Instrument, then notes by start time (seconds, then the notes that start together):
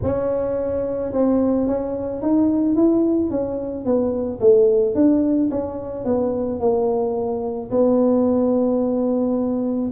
tuba
0.02 C#4
1.12 C4
1.67 C#4
2.22 D#4
2.75 E4
3.30 C#4
3.85 B3
4.40 A3
4.94 D4
5.50 C#4
6.05 B3
6.60 A#3
7.71 B3